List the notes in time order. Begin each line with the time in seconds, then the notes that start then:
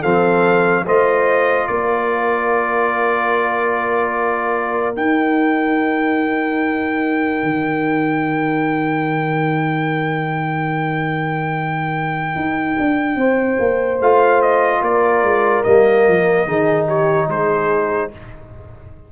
0.00 F3 C4 A4 F5
0.85 A3 F4 C5 D#5
1.67 A#3 A#4 D5
4.93 D#4 G5
7.43 D#3
12.35 D#4
12.78 D4
13.16 C4 C5
13.59 A#3
14.00 A3 F4 F5
14.42 D#5
14.81 A#3 A#4 D5
15.22 G#3
15.63 G3 A#3 D#5
16.07 F3
16.46 D#3 D#4 G#4
16.87 G4 C#5
17.28 G#3 G#4 C5